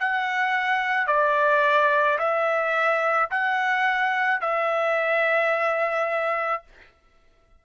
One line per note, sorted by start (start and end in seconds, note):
0.00 1.08 F#5
1.08 2.19 D5
2.19 3.30 E5
3.31 4.41 F#5
4.41 6.64 E5